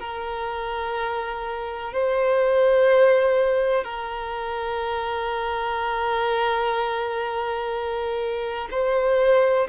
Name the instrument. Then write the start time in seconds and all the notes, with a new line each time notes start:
violin
0.00 A#4
1.93 C5
3.84 A#4
8.71 C5